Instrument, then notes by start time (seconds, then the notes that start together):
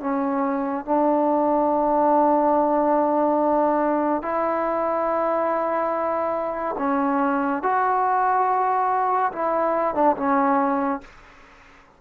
trombone
0.00 C#4
0.85 D4
4.22 E4
6.78 C#4
7.62 F#4
9.32 E4
9.94 D4
10.16 C#4